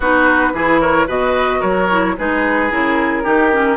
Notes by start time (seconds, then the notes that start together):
0.00 B3 D#4 F#4 B4
0.53 E3 E4 G#4
0.80 A#4 C#5
1.07 B2 F#4 B4 D#5
1.60 F#3 A#4 C#5
1.90 E4
2.17 G#3 D#4 G#4 B4
2.70 C#3 E4 A#4
3.23 D#3 D#4 G4
3.51 C#4